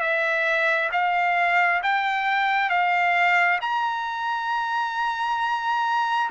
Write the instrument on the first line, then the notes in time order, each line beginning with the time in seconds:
trumpet
0.00 E5
0.92 F5
1.82 G5
2.69 F5
3.61 A#5